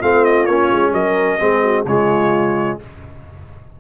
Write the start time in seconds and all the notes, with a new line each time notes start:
0.00 A3 C4 F4 F5
0.25 D#5
0.46 A#3 C#4 C#5
0.72 G#3
0.92 F#3 A#4 D#5
1.39 G#3 C4 G#4
1.63 F#4
1.85 C#3 G#3 F4 C#5